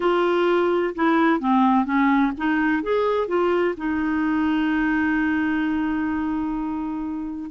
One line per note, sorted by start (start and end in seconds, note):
0.00 0.94 F4
0.95 1.40 E4
1.40 1.85 C4
1.85 2.32 C#4
2.37 2.83 D#4
2.83 3.27 G#4
3.27 3.74 F4
3.77 7.50 D#4